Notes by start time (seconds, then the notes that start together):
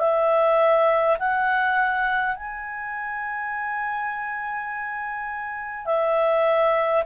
0.00 E5
1.19 F#5
2.36 G#5
5.86 E5